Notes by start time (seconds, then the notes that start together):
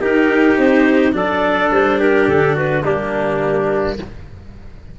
0.00 D#4 G4 A#4
0.57 C4 C5
1.12 F#3 D4 A4 D5
1.70 G3 C5
1.99 G4 A#4
2.27 D3 A4
2.55 F#4 B4
2.83 G3 A#3 D4 G4